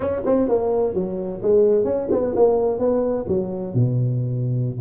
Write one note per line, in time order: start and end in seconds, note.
0.00 0.21 C#4
0.25 0.48 C4
0.48 0.94 A#3
0.94 1.41 F#3
1.42 1.84 G#3
1.84 2.08 C#4
2.11 2.34 B3
2.35 2.78 A#3
2.78 3.25 B3
3.28 3.74 F#3
3.74 4.79 B2